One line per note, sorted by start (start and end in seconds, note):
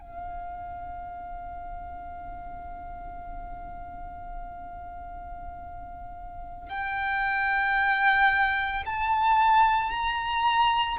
0.00 6.69 F5
6.69 8.83 G5
8.86 9.90 A5
9.90 10.97 A#5